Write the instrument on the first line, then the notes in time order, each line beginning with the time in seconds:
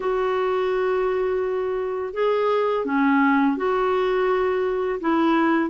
clarinet
0.00 F#4
2.13 G#4
2.85 C#4
3.56 F#4
5.00 E4